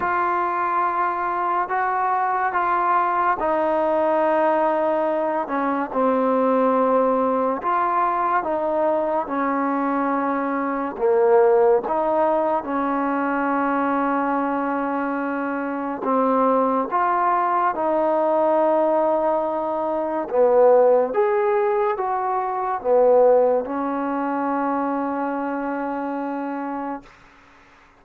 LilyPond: \new Staff \with { instrumentName = "trombone" } { \time 4/4 \tempo 4 = 71 f'2 fis'4 f'4 | dis'2~ dis'8 cis'8 c'4~ | c'4 f'4 dis'4 cis'4~ | cis'4 ais4 dis'4 cis'4~ |
cis'2. c'4 | f'4 dis'2. | b4 gis'4 fis'4 b4 | cis'1 | }